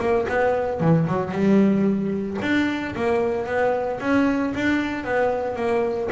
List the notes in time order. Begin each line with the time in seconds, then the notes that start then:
0.00 A#3
0.29 B3
0.81 E3
1.07 F#3
1.32 G3
2.42 D4
2.96 A#3
3.47 B3
4.01 C#4
4.55 D4
5.04 B3
5.56 A#3